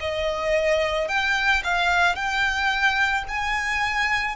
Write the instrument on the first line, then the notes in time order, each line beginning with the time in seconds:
violin
0.00 D#5
1.08 G5
1.63 F5
2.15 G5
3.28 G#5